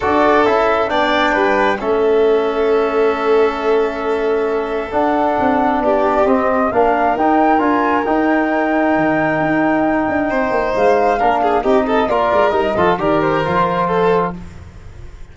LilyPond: <<
  \new Staff \with { instrumentName = "flute" } { \time 4/4 \tempo 4 = 134 d''4 e''4 g''2 | e''1~ | e''2. fis''4~ | fis''4 d''4 dis''4 f''4 |
g''4 gis''4 g''2~ | g''1 | f''2 dis''4 d''4 | dis''4 d''8 c''2~ c''8 | }
  \new Staff \with { instrumentName = "violin" } { \time 4/4 a'2 d''4 b'4 | a'1~ | a'1~ | a'4 g'2 ais'4~ |
ais'1~ | ais'2. c''4~ | c''4 ais'8 gis'8 g'8 a'8 ais'4~ | ais'8 a'8 ais'2 a'4 | }
  \new Staff \with { instrumentName = "trombone" } { \time 4/4 fis'4 e'4 d'2 | cis'1~ | cis'2. d'4~ | d'2 c'4 d'4 |
dis'4 f'4 dis'2~ | dis'1~ | dis'4 d'4 dis'4 f'4 | dis'8 f'8 g'4 f'2 | }
  \new Staff \with { instrumentName = "tuba" } { \time 4/4 d'4 cis'4 b4 g4 | a1~ | a2. d'4 | c'4 b4 c'4 ais4 |
dis'4 d'4 dis'2 | dis4 dis'4. d'8 c'8 ais8 | gis4 ais4 c'4 ais8 gis8 | g8 f8 dis4 f2 | }
>>